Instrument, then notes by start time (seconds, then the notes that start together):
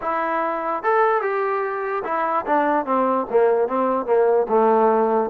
trombone
0.01 E4
0.83 A4
1.21 G4
2.04 E4
2.46 D4
2.85 C4
3.30 A#3
3.68 C4
4.06 A#3
4.48 A3